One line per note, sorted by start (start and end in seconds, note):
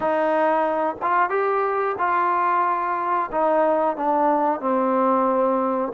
0.00 0.96 D#4
1.02 1.29 F4
1.29 1.95 G4
1.98 3.30 F4
3.31 3.96 D#4
3.96 4.60 D4
4.60 5.92 C4